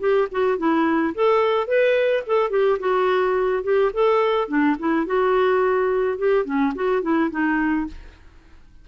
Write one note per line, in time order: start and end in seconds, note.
0.00 0.28 G4
0.32 0.58 F#4
0.58 1.14 E4
1.15 1.68 A4
1.68 2.24 B4
2.27 2.50 A4
2.50 2.78 G4
2.80 3.64 F#4
3.64 3.92 G4
3.94 4.48 A4
4.48 4.76 D4
4.79 5.06 E4
5.06 6.19 F#4
6.19 6.45 G4
6.45 6.73 C#4
6.75 7.02 F#4
7.02 7.30 E4
7.31 7.87 D#4